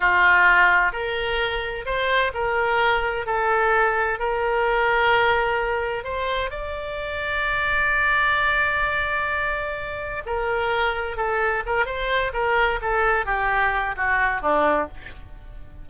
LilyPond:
\new Staff \with { instrumentName = "oboe" } { \time 4/4 \tempo 4 = 129 f'2 ais'2 | c''4 ais'2 a'4~ | a'4 ais'2.~ | ais'4 c''4 d''2~ |
d''1~ | d''2 ais'2 | a'4 ais'8 c''4 ais'4 a'8~ | a'8 g'4. fis'4 d'4 | }